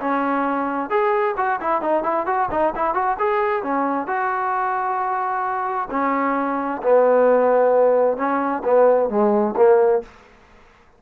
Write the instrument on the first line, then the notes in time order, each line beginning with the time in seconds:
trombone
0.00 C#4
0.89 G#4
1.37 F#4
1.60 E4
1.81 D#4
2.03 E4
2.26 F#4
2.51 D#4
2.75 E4
2.94 F#4
3.19 G#4
3.63 C#4
4.07 F#4
5.91 C#4
6.82 B3
8.17 C#4
8.64 B3
9.09 G#3
9.57 A#3